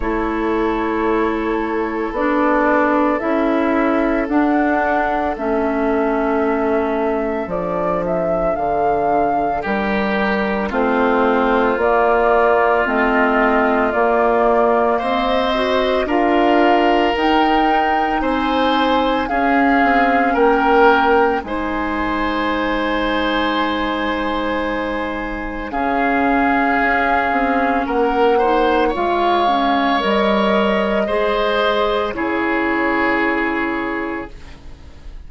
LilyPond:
<<
  \new Staff \with { instrumentName = "flute" } { \time 4/4 \tempo 4 = 56 cis''2 d''4 e''4 | fis''4 e''2 d''8 e''8 | f''4 ais'4 c''4 d''4 | dis''4 d''4 dis''4 f''4 |
g''4 gis''4 f''4 g''4 | gis''1 | f''2 fis''4 f''4 | dis''2 cis''2 | }
  \new Staff \with { instrumentName = "oboe" } { \time 4/4 a'1~ | a'1~ | a'4 g'4 f'2~ | f'2 c''4 ais'4~ |
ais'4 c''4 gis'4 ais'4 | c''1 | gis'2 ais'8 c''8 cis''4~ | cis''4 c''4 gis'2 | }
  \new Staff \with { instrumentName = "clarinet" } { \time 4/4 e'2 d'4 e'4 | d'4 cis'2 d'4~ | d'2 c'4 ais4 | c'4 ais4. fis'8 f'4 |
dis'2 cis'2 | dis'1 | cis'2~ cis'8 dis'8 f'8 cis'8 | ais'4 gis'4 e'2 | }
  \new Staff \with { instrumentName = "bassoon" } { \time 4/4 a2 b4 cis'4 | d'4 a2 f4 | d4 g4 a4 ais4 | a4 ais4 c'4 d'4 |
dis'4 c'4 cis'8 c'8 ais4 | gis1 | cis4 cis'8 c'8 ais4 gis4 | g4 gis4 cis2 | }
>>